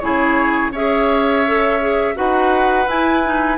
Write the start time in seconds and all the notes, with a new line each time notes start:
0.00 C#3 E4 G#4 C#5
0.72 C#4 G#4 C#5 E5
1.47 A4
1.81 G#4
2.15 D#4 F#4 B4 F#5
2.88 E4 G#5
3.25 D#4